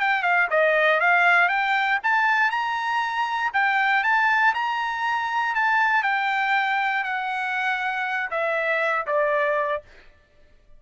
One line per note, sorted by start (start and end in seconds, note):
0.00 0.22 G5
0.22 0.47 F5
0.50 1.00 D#5
1.00 1.48 F5
1.48 1.99 G5
2.03 2.50 A5
2.50 3.51 A#5
3.53 4.03 G5
4.03 4.53 A5
4.54 5.55 A#5
5.55 6.03 A5
6.03 7.03 G5
7.03 8.29 F#5
8.30 9.06 E5
9.06 9.82 D5